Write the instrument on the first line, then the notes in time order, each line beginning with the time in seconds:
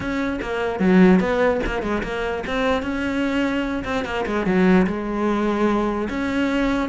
cello
0.00 C#4
0.41 A#3
0.79 F#3
1.20 B3
1.65 A#3
1.82 G#3
2.03 A#3
2.47 C4
2.82 C#4
3.84 C4
4.04 A#3
4.25 G#3
4.46 F#3
4.86 G#3
6.09 C#4